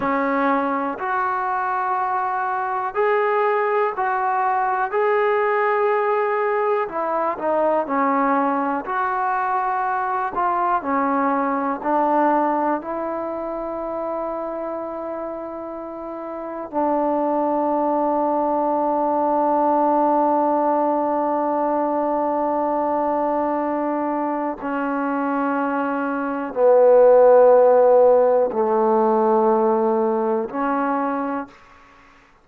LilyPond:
\new Staff \with { instrumentName = "trombone" } { \time 4/4 \tempo 4 = 61 cis'4 fis'2 gis'4 | fis'4 gis'2 e'8 dis'8 | cis'4 fis'4. f'8 cis'4 | d'4 e'2.~ |
e'4 d'2.~ | d'1~ | d'4 cis'2 b4~ | b4 a2 cis'4 | }